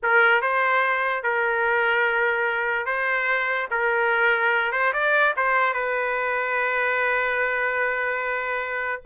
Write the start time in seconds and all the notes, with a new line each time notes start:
0.02 A#4
0.41 C5
1.23 A#4
2.86 C5
3.70 A#4
4.72 C5
4.93 D5
5.36 C5
5.73 B4